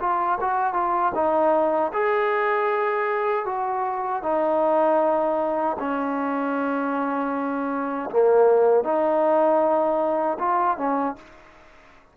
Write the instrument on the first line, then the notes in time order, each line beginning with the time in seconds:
trombone
0.00 F4
0.41 F#4
0.74 F4
1.15 D#4
1.93 G#4
3.46 F#4
4.23 D#4
5.79 C#4
8.10 A#3
8.84 D#4
10.39 F4
10.78 C#4